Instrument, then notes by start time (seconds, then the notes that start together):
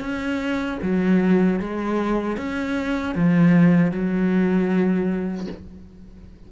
cello
0.00 C#4
0.82 F#3
1.59 G#3
2.37 C#4
3.15 F3
3.91 F#3